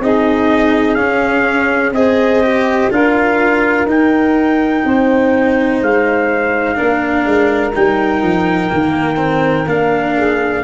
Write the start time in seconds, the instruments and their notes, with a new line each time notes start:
0.00 tuba C4, cello D#4, saxophone G#4, trumpet D#5
0.95 tuba C#4, cello C#4, trumpet F5
1.92 tuba C4, cello G#4, saxophone C5, trumpet D#5
2.43 cello G4
2.91 tuba D4, cello F4, saxophone A#4, trumpet F5
3.86 tuba D#4, cello D#4, trumpet G5
4.85 tuba C4, saxophone C5
5.82 tuba G#3, trumpet F5
6.75 tuba A#3, cello D4, saxophone A#4
7.26 tuba G#3
7.75 tuba G3, cello D#4, trumpet G5
8.23 tuba F3
8.71 tuba D#3, cello A#3
9.17 cello C4
9.67 tuba A#3, cello D4, trumpet F5
10.17 saxophone G#4